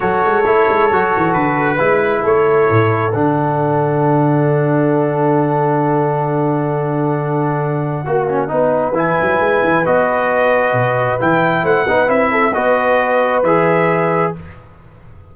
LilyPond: <<
  \new Staff \with { instrumentName = "trumpet" } { \time 4/4 \tempo 4 = 134 cis''2. b'4~ | b'4 cis''2 fis''4~ | fis''1~ | fis''1~ |
fis''1 | gis''2 dis''2~ | dis''4 g''4 fis''4 e''4 | dis''2 e''2 | }
  \new Staff \with { instrumentName = "horn" } { \time 4/4 a'1 | b'4 a'2.~ | a'1~ | a'1~ |
a'2 fis'4 b'4~ | b'1~ | b'2 c''8 b'4 a'8 | b'1 | }
  \new Staff \with { instrumentName = "trombone" } { \time 4/4 fis'4 e'4 fis'2 | e'2. d'4~ | d'1~ | d'1~ |
d'2 fis'8 cis'8 dis'4 | e'2 fis'2~ | fis'4 e'4. dis'8 e'4 | fis'2 gis'2 | }
  \new Staff \with { instrumentName = "tuba" } { \time 4/4 fis8 gis8 a8 gis8 fis8 e8 d4 | gis4 a4 a,4 d4~ | d1~ | d1~ |
d2 ais4 b4 | e8 fis8 gis8 e8 b2 | b,4 e4 a8 b8 c'4 | b2 e2 | }
>>